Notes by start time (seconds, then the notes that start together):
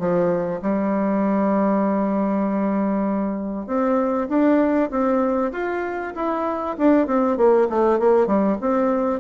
0.00 F3
0.63 G3
3.67 C4
4.29 D4
4.91 C4
5.53 F4
6.16 E4
6.78 D4
7.07 C4
7.38 A#3
7.70 A3
8.00 A#3
8.27 G3
8.61 C4